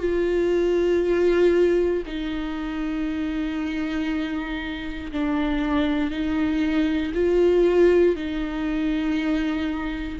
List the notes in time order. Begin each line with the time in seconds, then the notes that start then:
0.00 F4
2.07 D#4
5.12 D4
6.11 D#4
7.15 F4
8.16 D#4